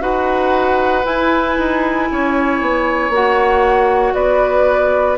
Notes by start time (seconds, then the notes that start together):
0.00 D#4 F#4 B4 F#5
1.04 E4 G#5
1.57 D#4
2.11 C#4 C#5
2.61 B3
3.09 A#3 F#4 F#5
4.14 B3 B4 D5